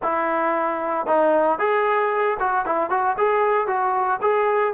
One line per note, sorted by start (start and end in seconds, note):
0.02 1.06 E4
1.06 1.58 D#4
1.58 2.37 G#4
2.39 2.65 F#4
2.65 2.89 E4
2.89 3.16 F#4
3.17 3.67 G#4
3.67 4.20 F#4
4.21 4.73 G#4